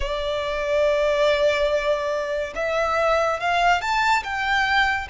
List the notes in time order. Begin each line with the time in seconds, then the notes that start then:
0.00 D5
2.55 E5
3.40 F5
3.81 A5
4.23 G5